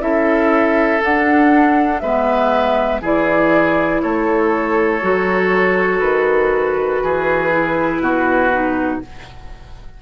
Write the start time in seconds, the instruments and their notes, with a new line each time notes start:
0.00 bassoon C#4, clarinet E4, oboe A4, flute E5
1.04 clarinet D4, bassoon D4, flute F#5
2.00 bassoon G#3, clarinet B3, oboe B4, flute E5
3.02 bassoon E3, clarinet E4, oboe G#4, flute D5
4.02 bassoon A3, oboe A4, flute C#5
5.02 bassoon F#3, clarinet F#4
6.00 bassoon D#3, flute B4
7.04 bassoon E3, oboe G#4
7.51 clarinet E4
8.01 bassoon B2, oboe F#4
8.52 clarinet D#4